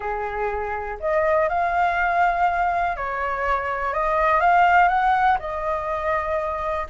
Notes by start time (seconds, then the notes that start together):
0.00 G#4
1.00 D#5
1.48 F5
2.96 C#5
3.93 D#5
4.40 F5
4.88 F#5
5.39 D#5